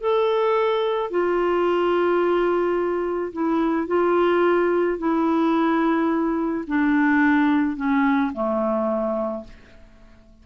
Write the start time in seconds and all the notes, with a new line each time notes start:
0.00 A4
1.10 F4
3.33 E4
3.87 F4
4.98 E4
6.67 D4
7.77 C#4
8.33 A3